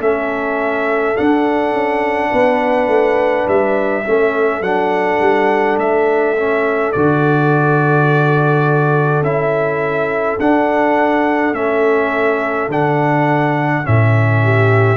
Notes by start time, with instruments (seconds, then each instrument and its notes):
0.00 tuba A3, trombone C#4, horn A4, trumpet E5
1.16 trombone D4, tuba D4, trumpet F#5
1.73 tuba C#4
2.30 tuba B3, horn B4
2.87 tuba A3
3.48 tuba G3, trumpet E5
4.05 tuba A3, trombone C#4, horn A4
4.61 tuba F#3, trombone D4, trumpet F#5
5.20 tuba G3
5.77 tuba A3, trumpet E5
6.37 trombone C#4
6.92 tuba D3, trombone F#4, trumpet D5
9.22 tuba C#4, trombone E4, trumpet E5
10.40 tuba D4, trombone D4, trumpet F#5
11.53 tuba A3, trombone C#4, trumpet E5
12.68 tuba D3, trombone D4, trumpet F#5
13.83 tuba A2, trombone C#4, trumpet E5
14.43 horn G4